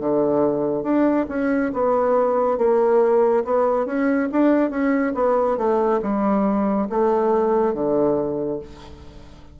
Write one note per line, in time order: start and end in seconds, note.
0.00 0.83 D3
0.83 1.26 D4
1.29 1.72 C#4
1.74 2.58 B3
2.58 3.44 A#3
3.45 3.86 B3
3.86 4.29 C#4
4.32 4.71 D4
4.71 5.14 C#4
5.15 5.58 B3
5.58 6.01 A3
6.03 6.88 G3
6.90 7.74 A3
7.74 8.60 D3